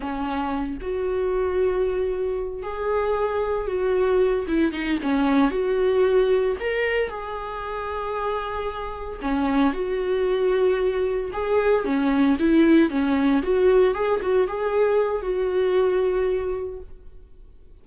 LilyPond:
\new Staff \with { instrumentName = "viola" } { \time 4/4 \tempo 4 = 114 cis'4. fis'2~ fis'8~ | fis'4 gis'2 fis'4~ | fis'8 e'8 dis'8 cis'4 fis'4.~ | fis'8 ais'4 gis'2~ gis'8~ |
gis'4. cis'4 fis'4.~ | fis'4. gis'4 cis'4 e'8~ | e'8 cis'4 fis'4 gis'8 fis'8 gis'8~ | gis'4 fis'2. | }